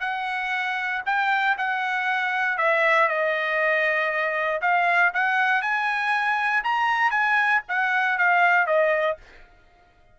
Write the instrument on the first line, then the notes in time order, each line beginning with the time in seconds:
trumpet
0.00 F#5
1.06 G5
1.57 F#5
2.57 E5
3.08 D#5
4.61 F5
5.14 F#5
5.62 G#5
6.63 A#5
7.10 G#5
7.68 F#5
8.18 F5
8.66 D#5